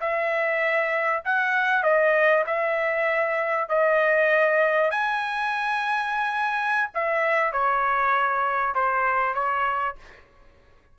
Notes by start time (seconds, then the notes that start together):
0.00 E5
1.24 F#5
1.83 D#5
2.46 E5
3.68 D#5
4.91 G#5
6.94 E5
7.52 C#5
8.74 C5
9.34 C#5